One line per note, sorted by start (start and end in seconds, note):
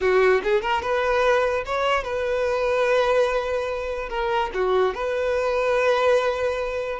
0.00 0.41 F#4
0.43 0.61 G#4
0.61 0.81 A#4
0.81 1.64 B4
1.65 2.03 C#5
2.03 4.09 B4
4.09 4.50 A#4
4.54 4.94 F#4
4.94 6.99 B4